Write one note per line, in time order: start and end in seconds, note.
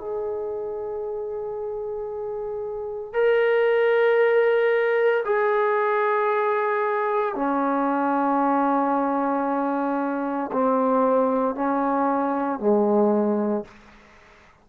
0.00 3.13 G#4
3.13 5.24 A#4
5.25 7.35 G#4
7.35 10.51 C#4
10.52 11.55 C4
11.55 12.60 C#4
12.60 13.65 G#3